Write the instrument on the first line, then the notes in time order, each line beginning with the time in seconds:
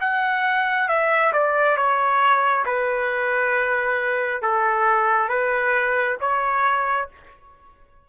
trumpet
0.00 F#5
0.88 E5
1.32 D5
1.76 C#5
2.65 B4
4.42 A4
5.29 B4
6.20 C#5